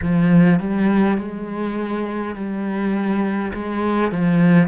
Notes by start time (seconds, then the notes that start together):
0.02 F3
0.59 G3
1.18 G#3
2.35 G3
3.53 G#3
4.11 F3